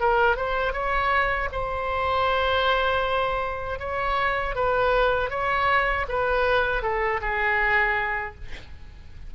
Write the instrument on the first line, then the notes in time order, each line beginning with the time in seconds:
oboe
0.00 A#4
0.37 C5
0.73 C#5
1.52 C5
3.80 C#5
4.55 B4
5.31 C#5
6.09 B4
6.83 A4
7.21 G#4